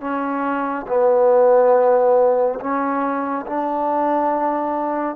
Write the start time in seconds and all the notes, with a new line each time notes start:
0.00 C#4
0.87 B3
2.59 C#4
3.46 D4